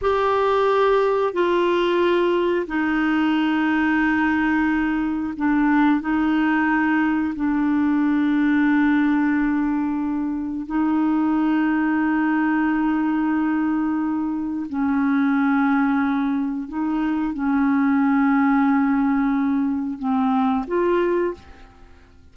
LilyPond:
\new Staff \with { instrumentName = "clarinet" } { \time 4/4 \tempo 4 = 90 g'2 f'2 | dis'1 | d'4 dis'2 d'4~ | d'1 |
dis'1~ | dis'2 cis'2~ | cis'4 dis'4 cis'2~ | cis'2 c'4 f'4 | }